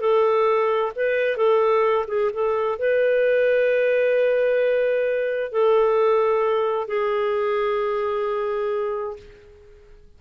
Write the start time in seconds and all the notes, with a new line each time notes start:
0.00 A4
0.95 B4
1.37 A4
2.07 G#4
2.33 A4
2.79 B4
5.51 A4
6.87 G#4